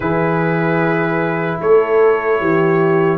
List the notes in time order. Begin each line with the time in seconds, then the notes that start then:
0.00 E3 E4 G#4 B4
1.60 A3 A4 C#5
2.40 E3 G4